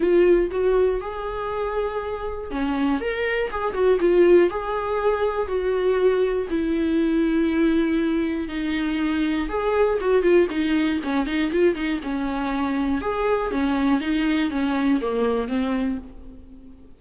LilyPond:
\new Staff \with { instrumentName = "viola" } { \time 4/4 \tempo 4 = 120 f'4 fis'4 gis'2~ | gis'4 cis'4 ais'4 gis'8 fis'8 | f'4 gis'2 fis'4~ | fis'4 e'2.~ |
e'4 dis'2 gis'4 | fis'8 f'8 dis'4 cis'8 dis'8 f'8 dis'8 | cis'2 gis'4 cis'4 | dis'4 cis'4 ais4 c'4 | }